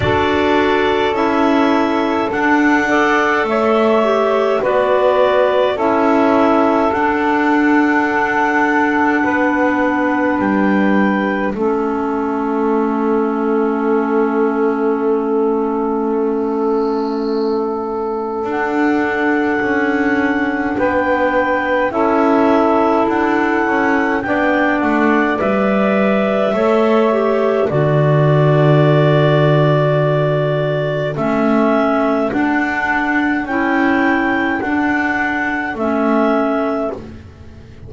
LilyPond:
<<
  \new Staff \with { instrumentName = "clarinet" } { \time 4/4 \tempo 4 = 52 d''4 e''4 fis''4 e''4 | d''4 e''4 fis''2~ | fis''4 g''4 e''2~ | e''1 |
fis''2 g''4 e''4 | fis''4 g''8 fis''8 e''2 | d''2. e''4 | fis''4 g''4 fis''4 e''4 | }
  \new Staff \with { instrumentName = "saxophone" } { \time 4/4 a'2~ a'8 d''8 cis''4 | b'4 a'2. | b'2 a'2~ | a'1~ |
a'2 b'4 a'4~ | a'4 d''2 cis''4 | a'1~ | a'1 | }
  \new Staff \with { instrumentName = "clarinet" } { \time 4/4 fis'4 e'4 d'8 a'4 g'8 | fis'4 e'4 d'2~ | d'2 cis'2~ | cis'1 |
d'2. e'4~ | e'4 d'4 b'4 a'8 g'8 | fis'2. cis'4 | d'4 e'4 d'4 cis'4 | }
  \new Staff \with { instrumentName = "double bass" } { \time 4/4 d'4 cis'4 d'4 a4 | b4 cis'4 d'2 | b4 g4 a2~ | a1 |
d'4 cis'4 b4 cis'4 | d'8 cis'8 b8 a8 g4 a4 | d2. a4 | d'4 cis'4 d'4 a4 | }
>>